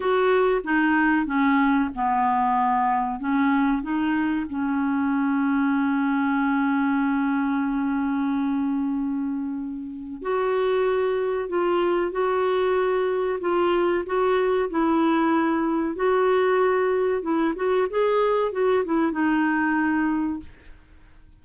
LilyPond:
\new Staff \with { instrumentName = "clarinet" } { \time 4/4 \tempo 4 = 94 fis'4 dis'4 cis'4 b4~ | b4 cis'4 dis'4 cis'4~ | cis'1~ | cis'1 |
fis'2 f'4 fis'4~ | fis'4 f'4 fis'4 e'4~ | e'4 fis'2 e'8 fis'8 | gis'4 fis'8 e'8 dis'2 | }